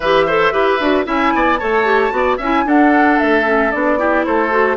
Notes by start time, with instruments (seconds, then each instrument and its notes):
0.00 bassoon E3, clarinet G4, oboe B4, flute E5
0.26 clarinet A4, oboe C5
0.52 bassoon E4, clarinet G4, oboe B4
0.80 bassoon D4, clarinet F#4
1.04 bassoon C#4, clarinet E4, oboe E5, flute G#5
1.34 bassoon B3, oboe D5
1.57 bassoon A3, clarinet A4, oboe C#5, flute A5
1.85 clarinet G4
2.10 bassoon B3, clarinet F#4, oboe D5
2.37 bassoon C#4, clarinet E4, oboe E5, flute G#5
2.65 clarinet D4, bassoon D4, oboe A4, flute F#5
3.18 bassoon A3, flute E5
3.44 clarinet C#4
3.71 bassoon B3, clarinet D4, flute D5
3.98 clarinet E4, oboe G4
4.24 bassoon A3, oboe A4, flute C5
4.50 clarinet F#4